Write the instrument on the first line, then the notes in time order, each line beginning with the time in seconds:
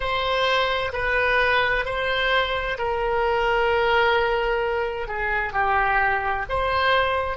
oboe
0.00 C5
0.92 B4
1.85 C5
2.77 A#4
5.07 G#4
5.53 G4
6.49 C5